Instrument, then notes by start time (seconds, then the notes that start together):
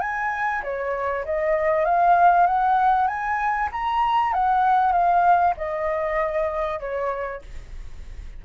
flute
0.00 G#5
0.63 C#5
1.25 D#5
1.85 F5
2.46 F#5
3.07 G#5
3.71 A#5
4.33 F#5
4.92 F5
5.57 D#5
6.80 C#5